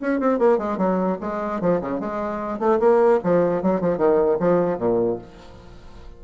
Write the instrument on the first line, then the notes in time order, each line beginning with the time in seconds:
bassoon
0.00 C#4
0.19 C4
0.39 A#3
0.58 G#3
0.77 F#3
1.20 G#3
1.60 F3
1.81 C#3
2.00 G#3
2.59 A3
2.79 A#3
3.23 F3
3.62 F#3
3.80 F3
3.97 D#3
4.39 F3
4.77 A#2